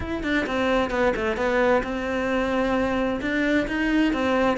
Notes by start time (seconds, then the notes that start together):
0.00 E4
0.23 D4
0.46 C4
0.90 B3
1.16 A3
1.36 B3
1.83 C4
3.21 D4
3.67 D#4
4.13 C4